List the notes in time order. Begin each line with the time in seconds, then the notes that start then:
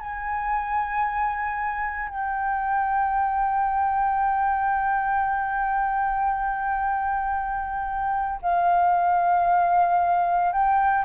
0.00 G#5
2.09 G5
8.42 F5
10.53 G5